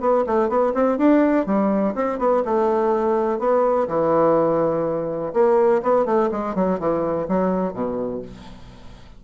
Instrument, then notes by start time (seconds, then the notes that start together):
bassoon
0.00 B3
0.27 A3
0.49 B3
0.74 C4
0.98 D4
1.46 G3
1.95 C4
2.19 B3
2.45 A3
3.39 B3
3.88 E3
5.33 A#3
5.82 B3
6.05 A3
6.31 G#3
6.55 F#3
6.79 E3
7.28 F#3
7.73 B2